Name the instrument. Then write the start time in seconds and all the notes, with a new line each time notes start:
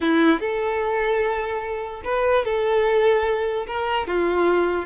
violin
0.00 E4
0.39 A4
2.04 B4
2.44 A4
3.66 A#4
4.07 F4